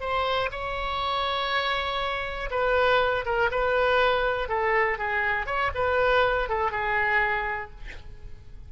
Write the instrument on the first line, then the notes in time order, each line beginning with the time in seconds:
oboe
0.00 C5
0.51 C#5
2.51 B4
3.25 A#4
3.51 B4
4.49 A4
4.98 G#4
5.46 C#5
5.74 B4
6.49 A4
6.71 G#4